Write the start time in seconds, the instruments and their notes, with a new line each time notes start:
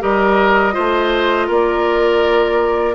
0.00 bassoon G3, clarinet G4, oboe A#4, flute D#5
0.73 bassoon A3, clarinet F4, oboe C5
1.47 bassoon A#3, oboe A#4, flute D5